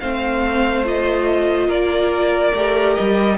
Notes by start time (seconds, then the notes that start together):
0.00 A3 C4 C5 F5
0.85 F4 D#5
1.67 A#3 A#4 D5
2.54 A3 G4
2.94 G3 D#5